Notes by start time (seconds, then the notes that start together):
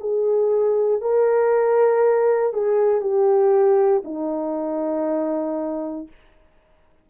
0.00 G#4
1.01 A#4
2.53 G#4
3.01 G4
4.04 D#4